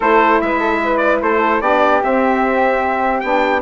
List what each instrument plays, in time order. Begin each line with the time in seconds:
0.00 bassoon A3, saxophone E4, flute A4, trumpet C5
0.41 bassoon G#3, flute B4, trumpet E5
0.59 flute A4
0.84 flute B4
0.97 trumpet D5
1.22 bassoon A3, flute A4, trumpet C5
1.60 bassoon B3, saxophone D4, flute G4, trumpet D5
2.01 saxophone C4, bassoon C4, trumpet E5
3.20 bassoon B3, saxophone D4, trumpet G5